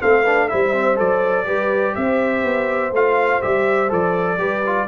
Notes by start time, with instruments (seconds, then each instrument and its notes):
0.00 tuba A3, trombone C4, horn A4, trumpet F5
0.23 trombone D4, horn B4
0.49 tuba G3, trombone E4, horn C5, trumpet E5
0.74 trombone C4
0.96 tuba F#3, trombone A4, trumpet D5
1.45 tuba G3, trombone G4, horn B4
1.95 tuba C4, horn C5, trumpet E5
2.44 tuba B3
2.92 tuba A3, trombone F4, trumpet F5
3.42 tuba G3, trombone G4, trumpet E5
3.89 tuba F3, trombone A4, trumpet D5
4.38 tuba G3, trombone G4, horn B4
4.66 trombone F4